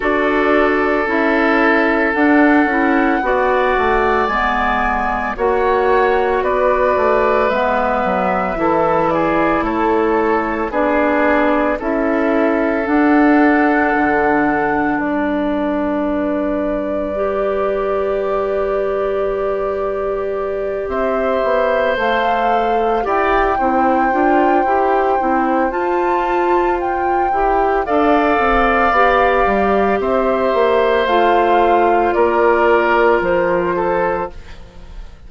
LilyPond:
<<
  \new Staff \with { instrumentName = "flute" } { \time 4/4 \tempo 4 = 56 d''4 e''4 fis''2 | gis''4 fis''4 d''4 e''4~ | e''8 d''8 cis''4 d''4 e''4 | fis''2 d''2~ |
d''2.~ d''8 e''8~ | e''8 f''4 g''2~ g''8 | a''4 g''4 f''2 | e''4 f''4 d''4 c''4 | }
  \new Staff \with { instrumentName = "oboe" } { \time 4/4 a'2. d''4~ | d''4 cis''4 b'2 | a'8 gis'8 a'4 gis'4 a'4~ | a'2 b'2~ |
b'2.~ b'8 c''8~ | c''4. d''8 c''2~ | c''2 d''2 | c''2 ais'4. a'8 | }
  \new Staff \with { instrumentName = "clarinet" } { \time 4/4 fis'4 e'4 d'8 e'8 fis'4 | b4 fis'2 b4 | e'2 d'4 e'4 | d'1 |
g'1~ | g'8 a'4 g'8 e'8 f'8 g'8 e'8 | f'4. g'8 a'4 g'4~ | g'4 f'2. | }
  \new Staff \with { instrumentName = "bassoon" } { \time 4/4 d'4 cis'4 d'8 cis'8 b8 a8 | gis4 ais4 b8 a8 gis8 fis8 | e4 a4 b4 cis'4 | d'4 d4 g2~ |
g2.~ g8 c'8 | b8 a4 e'8 c'8 d'8 e'8 c'8 | f'4. e'8 d'8 c'8 b8 g8 | c'8 ais8 a4 ais4 f4 | }
>>